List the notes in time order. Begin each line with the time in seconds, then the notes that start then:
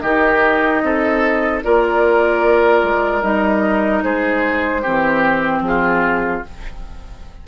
0.00 D#3 D#4 G4 D#5
0.82 C4 A4
1.62 A#3 F4 A#4 D5
2.83 G#3
3.22 G3 D#4 D#5
4.03 G#3 G#4 C5
4.82 E3 C4 G4
5.60 F3 G#4
5.67 F4